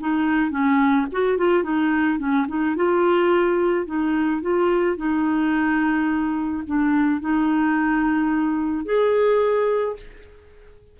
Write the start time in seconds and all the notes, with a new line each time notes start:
0.00 D#4
0.51 C#4
1.12 F#4
1.37 F4
1.63 D#4
2.19 C#4
2.48 D#4
2.76 F4
3.86 D#4
4.41 F4
4.96 D#4
6.66 D4
7.21 D#4
8.85 G#4